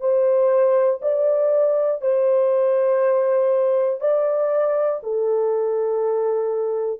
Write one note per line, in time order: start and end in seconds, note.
0.00 1.00 C5
1.01 2.01 D5
2.01 4.00 C5
4.00 5.00 D5
5.03 7.00 A4